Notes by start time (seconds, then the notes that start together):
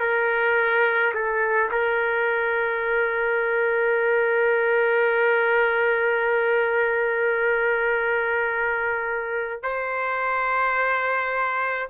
0.00 A#4
1.14 A4
1.71 A#4
9.63 C5